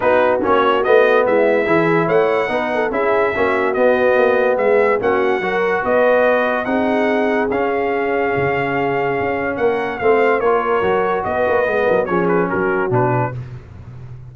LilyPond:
<<
  \new Staff \with { instrumentName = "trumpet" } { \time 4/4 \tempo 4 = 144 b'4 cis''4 dis''4 e''4~ | e''4 fis''2 e''4~ | e''4 dis''2 e''4 | fis''2 dis''2 |
fis''2 f''2~ | f''2. fis''4 | f''4 cis''2 dis''4~ | dis''4 cis''8 b'8 ais'4 b'4 | }
  \new Staff \with { instrumentName = "horn" } { \time 4/4 fis'2. e'4 | gis'4 cis''4 b'8 a'8 gis'4 | fis'2. gis'4 | fis'4 ais'4 b'2 |
gis'1~ | gis'2. ais'4 | c''4 ais'2 b'4~ | b'8 ais'8 gis'4 fis'2 | }
  \new Staff \with { instrumentName = "trombone" } { \time 4/4 dis'4 cis'4 b2 | e'2 dis'4 e'4 | cis'4 b2. | cis'4 fis'2. |
dis'2 cis'2~ | cis'1 | c'4 f'4 fis'2 | b4 cis'2 d'4 | }
  \new Staff \with { instrumentName = "tuba" } { \time 4/4 b4 ais4 a4 gis4 | e4 a4 b4 cis'4 | ais4 b4 ais4 gis4 | ais4 fis4 b2 |
c'2 cis'2 | cis2 cis'4 ais4 | a4 ais4 fis4 b8 ais8 | gis8 fis8 f4 fis4 b,4 | }
>>